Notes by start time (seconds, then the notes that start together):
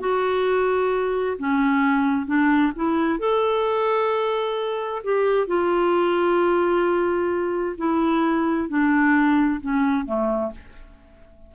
0.00 F#4
1.38 C#4
2.27 D4
2.76 E4
3.19 A4
5.04 G4
5.48 F4
7.78 E4
8.69 D4
9.61 C#4
10.06 A3